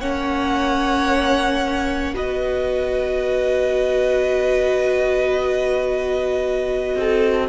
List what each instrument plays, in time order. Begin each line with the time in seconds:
0.00 cello A#3, viola C#4, violin C#5 F#5
2.15 cello B3, viola F#4, violin B4 D#5
6.96 cello C4, violin A4